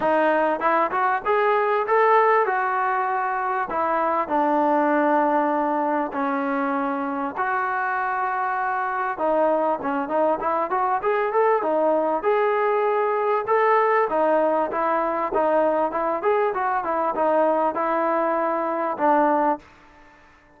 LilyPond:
\new Staff \with { instrumentName = "trombone" } { \time 4/4 \tempo 4 = 98 dis'4 e'8 fis'8 gis'4 a'4 | fis'2 e'4 d'4~ | d'2 cis'2 | fis'2. dis'4 |
cis'8 dis'8 e'8 fis'8 gis'8 a'8 dis'4 | gis'2 a'4 dis'4 | e'4 dis'4 e'8 gis'8 fis'8 e'8 | dis'4 e'2 d'4 | }